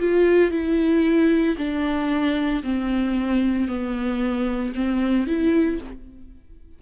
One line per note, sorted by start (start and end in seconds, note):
0.00 0.51 F4
0.51 1.56 E4
1.58 2.63 D4
2.63 3.68 C4
3.68 4.73 B3
4.75 5.27 C4
5.27 5.79 E4